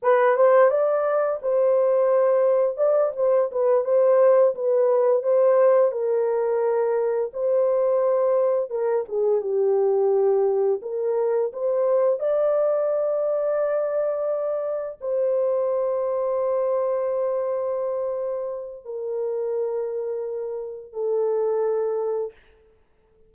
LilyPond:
\new Staff \with { instrumentName = "horn" } { \time 4/4 \tempo 4 = 86 b'8 c''8 d''4 c''2 | d''8 c''8 b'8 c''4 b'4 c''8~ | c''8 ais'2 c''4.~ | c''8 ais'8 gis'8 g'2 ais'8~ |
ais'8 c''4 d''2~ d''8~ | d''4. c''2~ c''8~ | c''2. ais'4~ | ais'2 a'2 | }